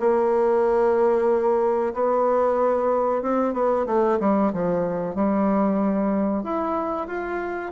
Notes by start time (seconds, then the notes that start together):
0.00 A#3
1.94 B3
3.22 C4
3.53 B3
3.86 A3
4.20 G3
4.53 F3
5.15 G3
6.43 E4
7.08 F4